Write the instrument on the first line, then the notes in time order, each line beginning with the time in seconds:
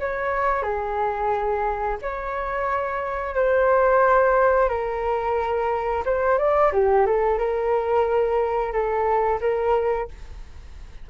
flute
0.00 C#5
0.63 G#4
2.02 C#5
3.35 C5
4.69 A#4
6.06 C5
6.38 D5
6.73 G4
7.06 A4
7.38 A#4
8.72 A4
9.41 A#4